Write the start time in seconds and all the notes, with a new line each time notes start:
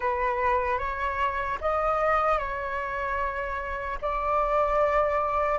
0.00 B4
0.78 C#5
1.60 D#5
2.38 C#5
4.01 D5